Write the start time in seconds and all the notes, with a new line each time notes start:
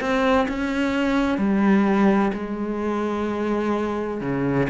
0.00 C4
0.48 C#4
1.38 G3
2.33 G#3
4.21 C#3